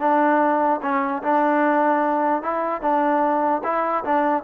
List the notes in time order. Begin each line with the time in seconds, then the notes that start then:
0.00 D4
0.82 C#4
1.23 D4
2.43 E4
2.82 D4
3.64 E4
4.05 D4